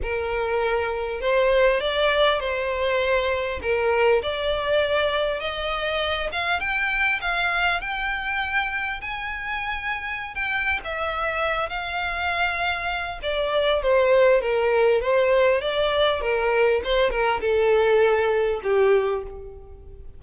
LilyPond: \new Staff \with { instrumentName = "violin" } { \time 4/4 \tempo 4 = 100 ais'2 c''4 d''4 | c''2 ais'4 d''4~ | d''4 dis''4. f''8 g''4 | f''4 g''2 gis''4~ |
gis''4~ gis''16 g''8. e''4. f''8~ | f''2 d''4 c''4 | ais'4 c''4 d''4 ais'4 | c''8 ais'8 a'2 g'4 | }